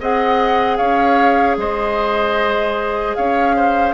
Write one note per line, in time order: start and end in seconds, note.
0.00 0.79 C4
0.00 3.94 G#4
0.00 0.77 D#5
0.00 0.77 F#5
0.77 1.57 C#4
0.77 1.56 C#5
0.77 1.56 F5
1.57 3.15 G#3
1.57 3.17 C5
1.57 3.15 D#5
3.15 3.94 C#4
3.15 3.56 C#5
3.15 3.94 F5
3.56 3.94 C5